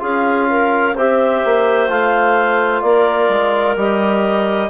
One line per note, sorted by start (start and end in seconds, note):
0.00 0.96 C#4
0.00 0.94 F4
0.00 0.48 G#4
0.00 0.97 F5
0.49 0.96 A#4
0.96 1.44 C4
0.96 1.89 G4
0.96 2.83 C5
0.96 1.91 E5
1.45 1.89 A#3
1.89 2.83 A3
1.89 3.77 F4
1.89 2.82 F5
2.82 3.29 A#3
2.82 4.70 A#4
2.82 3.76 D5
3.29 3.76 G#3
3.77 4.70 G3
3.77 4.70 G4
3.77 4.70 D#5